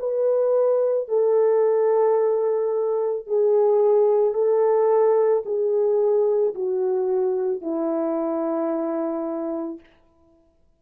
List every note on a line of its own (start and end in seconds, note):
0.00 1.09 B4
1.09 3.27 A4
3.27 4.34 G#4
4.34 5.43 A4
5.46 6.55 G#4
6.55 7.62 F#4
7.62 9.80 E4